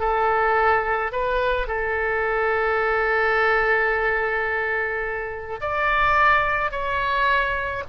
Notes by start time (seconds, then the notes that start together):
0.00 A4
1.12 B4
1.67 A4
5.61 D5
6.71 C#5